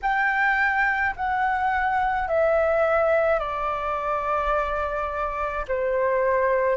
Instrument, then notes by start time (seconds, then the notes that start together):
flute
0.02 G5
1.16 F#5
2.27 E5
3.39 D5
5.68 C5